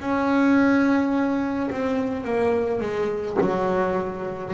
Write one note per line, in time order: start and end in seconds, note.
0.00 1.70 C#4
1.70 2.24 C4
2.24 2.81 A#3
2.81 3.38 G#3
3.41 4.54 F#3